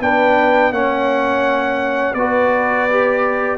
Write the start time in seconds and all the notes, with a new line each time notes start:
0.00 B3 D4 B4 G5
0.72 A#3 C#4 C#5 F#5
2.14 B3 F#4 B4 D5
2.90 G4